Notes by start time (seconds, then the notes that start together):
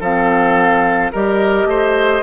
0.00 F3 C4 A4 F5
1.12 G3 G4 A#4 D#5
1.65 A3 C5